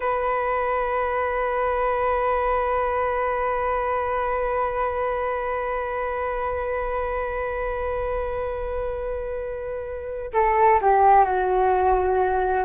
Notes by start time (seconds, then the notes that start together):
0.00 B4
10.33 A4
10.81 G4
11.24 F#4